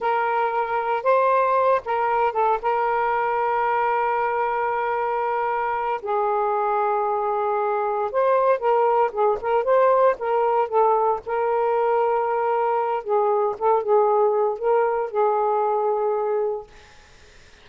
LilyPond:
\new Staff \with { instrumentName = "saxophone" } { \time 4/4 \tempo 4 = 115 ais'2 c''4. ais'8~ | ais'8 a'8 ais'2.~ | ais'2.~ ais'8 gis'8~ | gis'2.~ gis'8 c''8~ |
c''8 ais'4 gis'8 ais'8 c''4 ais'8~ | ais'8 a'4 ais'2~ ais'8~ | ais'4 gis'4 a'8 gis'4. | ais'4 gis'2. | }